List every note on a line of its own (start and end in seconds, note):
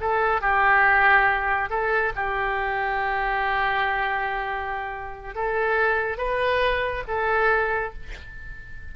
0.00 0.41 A4
0.41 1.69 G4
1.69 2.12 A4
2.15 5.35 G4
5.35 6.18 A4
6.18 7.03 B4
7.07 7.93 A4